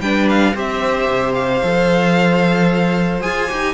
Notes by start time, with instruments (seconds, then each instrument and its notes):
0.00 cello G3, viola D4, violin B4 G5
0.29 violin F5
0.54 cello C4, viola G4, violin C5 E5
1.09 cello C3
1.34 violin F5
1.63 cello F3, viola A4
3.21 cello F4, viola G#4, violin G#5
3.48 cello D#4, viola G4